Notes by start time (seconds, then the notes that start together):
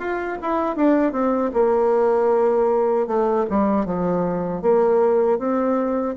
0.00 F4
0.42 E4
0.76 D4
1.13 C4
1.54 A#3
3.07 A3
3.50 G3
3.86 F3
4.62 A#3
5.39 C4